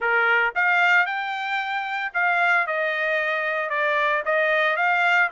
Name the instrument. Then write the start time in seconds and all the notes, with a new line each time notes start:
trumpet
0.00 A#4
0.55 F5
1.05 G5
2.13 F5
2.66 D#5
3.69 D5
4.25 D#5
4.76 F5